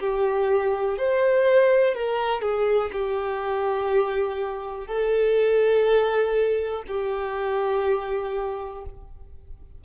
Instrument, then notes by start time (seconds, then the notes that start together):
violin
0.00 G4
0.98 C5
1.95 A#4
2.41 G#4
2.92 G4
4.86 A4
6.88 G4